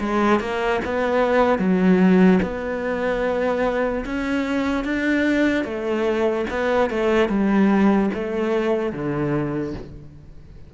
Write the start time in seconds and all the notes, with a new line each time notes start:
0.00 G#3
0.40 A#3
0.85 B3
1.58 F#3
2.42 B3
4.05 C#4
4.84 D4
5.64 A3
6.50 B3
6.90 A3
7.29 G3
8.14 A3
8.93 D3